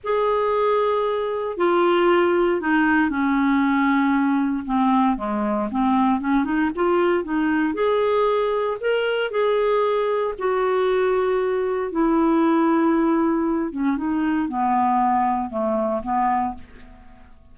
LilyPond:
\new Staff \with { instrumentName = "clarinet" } { \time 4/4 \tempo 4 = 116 gis'2. f'4~ | f'4 dis'4 cis'2~ | cis'4 c'4 gis4 c'4 | cis'8 dis'8 f'4 dis'4 gis'4~ |
gis'4 ais'4 gis'2 | fis'2. e'4~ | e'2~ e'8 cis'8 dis'4 | b2 a4 b4 | }